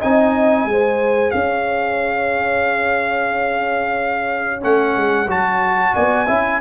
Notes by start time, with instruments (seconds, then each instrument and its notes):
0.00 tuba C4, trombone D#4, horn D#5, trumpet G#5
0.66 tuba G#3, trombone G#4
0.72 horn C5
1.31 tuba C#4, horn C#5, trumpet F5
4.61 tuba A3, trombone C#4, trumpet F#5
4.97 tuba G#3
5.28 tuba F#3, trombone F#4, trumpet A5
5.95 tuba B3, horn D5, trumpet G#5
6.28 tuba C#4, trombone E4, horn E5